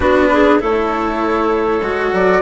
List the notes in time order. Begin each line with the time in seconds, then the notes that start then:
0.00 B3 D4 F#4 B4
0.32 G#4
0.59 A3 E4 A4 C#5
1.81 G#3 F#4
2.12 F#3 D5